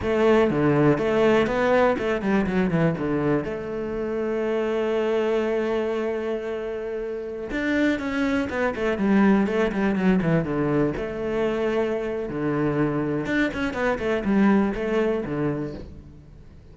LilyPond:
\new Staff \with { instrumentName = "cello" } { \time 4/4 \tempo 4 = 122 a4 d4 a4 b4 | a8 g8 fis8 e8 d4 a4~ | a1~ | a2.~ a16 d'8.~ |
d'16 cis'4 b8 a8 g4 a8 g16~ | g16 fis8 e8 d4 a4.~ a16~ | a4 d2 d'8 cis'8 | b8 a8 g4 a4 d4 | }